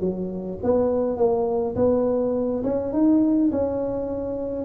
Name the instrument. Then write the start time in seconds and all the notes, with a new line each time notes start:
tuba
0.00 F#3
0.62 B3
1.17 A#3
1.75 B3
2.63 C#4
2.92 D#4
3.51 C#4